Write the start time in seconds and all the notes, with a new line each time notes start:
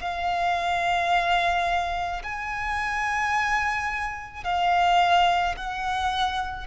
0.00 F5
2.23 G#5
4.44 F5
5.57 F#5